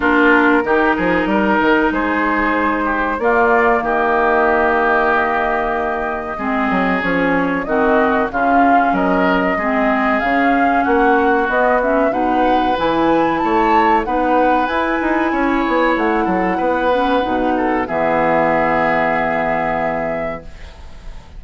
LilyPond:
<<
  \new Staff \with { instrumentName = "flute" } { \time 4/4 \tempo 4 = 94 ais'2. c''4~ | c''4 d''4 dis''2~ | dis''2. cis''4 | dis''4 f''4 dis''2 |
f''4 fis''4 dis''8 e''8 fis''4 | gis''4 a''4 fis''4 gis''4~ | gis''4 fis''2. | e''1 | }
  \new Staff \with { instrumentName = "oboe" } { \time 4/4 f'4 g'8 gis'8 ais'4 gis'4~ | gis'8 g'8 f'4 g'2~ | g'2 gis'2 | fis'4 f'4 ais'4 gis'4~ |
gis'4 fis'2 b'4~ | b'4 cis''4 b'2 | cis''4. a'8 b'4. a'8 | gis'1 | }
  \new Staff \with { instrumentName = "clarinet" } { \time 4/4 d'4 dis'2.~ | dis'4 ais2.~ | ais2 c'4 cis'4 | c'4 cis'2 c'4 |
cis'2 b8 cis'8 dis'4 | e'2 dis'4 e'4~ | e'2~ e'8 cis'8 dis'4 | b1 | }
  \new Staff \with { instrumentName = "bassoon" } { \time 4/4 ais4 dis8 f8 g8 dis8 gis4~ | gis4 ais4 dis2~ | dis2 gis8 fis8 f4 | dis4 cis4 fis4 gis4 |
cis4 ais4 b4 b,4 | e4 a4 b4 e'8 dis'8 | cis'8 b8 a8 fis8 b4 b,4 | e1 | }
>>